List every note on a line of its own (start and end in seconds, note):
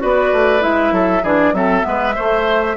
0.00 0.33 B3
0.00 0.60 F#4
0.00 0.94 B4
0.00 0.63 D5
0.33 0.63 A3
0.60 0.92 G#3
0.60 1.22 E4
0.60 1.24 E5
0.92 1.22 F#3
0.92 1.23 A4
1.23 1.53 E3
1.23 1.54 D4
1.23 1.54 G#4
1.23 1.55 D5
1.53 1.84 F#3
1.53 1.82 C4
1.53 1.86 A4
1.53 2.77 E5
1.82 2.17 G#3
1.82 2.13 B3
1.89 2.15 B4
2.15 2.77 A3
2.15 2.77 C5